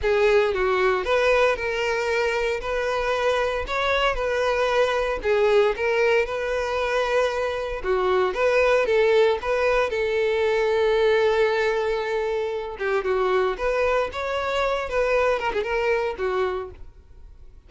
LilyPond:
\new Staff \with { instrumentName = "violin" } { \time 4/4 \tempo 4 = 115 gis'4 fis'4 b'4 ais'4~ | ais'4 b'2 cis''4 | b'2 gis'4 ais'4 | b'2. fis'4 |
b'4 a'4 b'4 a'4~ | a'1~ | a'8 g'8 fis'4 b'4 cis''4~ | cis''8 b'4 ais'16 gis'16 ais'4 fis'4 | }